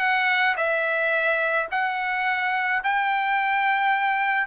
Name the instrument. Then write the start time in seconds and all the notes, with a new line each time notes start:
trumpet
0.00 F#5
0.57 E5
1.71 F#5
2.84 G5